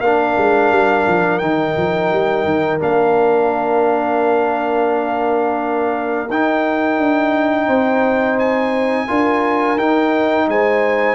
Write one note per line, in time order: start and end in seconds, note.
0.00 0.35 A#3
0.00 1.41 D4
0.00 7.67 A#4
0.00 1.39 F5
0.37 0.71 G#3
0.71 1.06 G3
1.08 1.42 F3
1.39 1.76 D#3
1.39 2.80 D#4
1.39 2.78 G5
1.77 2.12 F3
2.12 2.45 G3
2.45 2.80 D#3
2.80 6.30 A#3
2.80 6.28 D4
2.80 6.31 F5
6.30 6.99 D#4
6.30 9.08 D#4
6.30 8.39 G5
6.99 7.68 D4
7.67 9.07 C4
7.67 9.06 C5
8.39 9.79 G#5
9.08 9.77 D4
9.08 9.77 F4
9.08 10.48 A#4
9.77 10.47 D#4
9.77 11.15 D#4
9.77 10.48 G5
10.48 11.15 G#3
10.48 11.15 C5
10.48 11.15 G#5